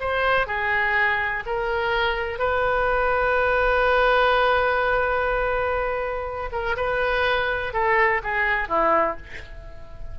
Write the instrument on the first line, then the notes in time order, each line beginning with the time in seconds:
oboe
0.00 C5
0.47 G#4
1.46 A#4
2.39 B4
6.52 A#4
6.76 B4
7.73 A4
8.23 G#4
8.69 E4